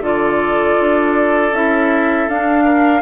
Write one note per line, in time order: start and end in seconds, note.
0.00 0.75 D3
0.00 1.52 F4
0.00 2.64 A4
0.00 1.54 D5
0.80 1.52 D4
1.52 2.27 C#4
1.52 2.29 E4
1.52 2.29 E5
2.27 3.02 D4
2.27 3.02 F5
2.64 3.02 A#4